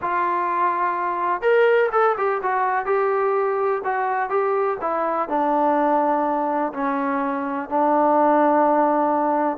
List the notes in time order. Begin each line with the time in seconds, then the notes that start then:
0.01 F4
1.41 A#4
1.92 A4
2.17 G4
2.42 F#4
2.85 G4
3.84 F#4
4.29 G4
4.81 E4
5.28 D4
6.73 C#4
7.69 D4